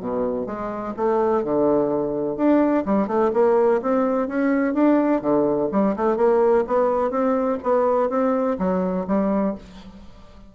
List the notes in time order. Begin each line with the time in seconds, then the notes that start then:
0.00 B2
0.47 G#3
0.97 A3
1.44 D3
2.37 D4
2.86 G3
3.08 A3
3.34 A#3
3.82 C4
4.28 C#4
4.74 D4
5.22 D3
5.72 G3
5.96 A3
6.17 A#3
6.67 B3
7.11 C4
7.63 B3
8.10 C4
8.59 F#3
9.08 G3